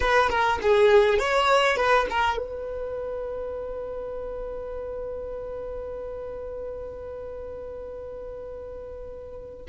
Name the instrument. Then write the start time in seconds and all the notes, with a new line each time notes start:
violin
0.00 B4
0.29 A#4
0.62 G#4
1.18 C#5
1.77 B4
2.10 A#4
2.37 B4